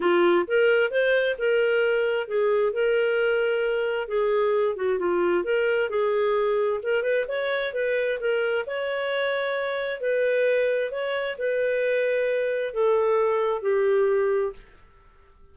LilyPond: \new Staff \with { instrumentName = "clarinet" } { \time 4/4 \tempo 4 = 132 f'4 ais'4 c''4 ais'4~ | ais'4 gis'4 ais'2~ | ais'4 gis'4. fis'8 f'4 | ais'4 gis'2 ais'8 b'8 |
cis''4 b'4 ais'4 cis''4~ | cis''2 b'2 | cis''4 b'2. | a'2 g'2 | }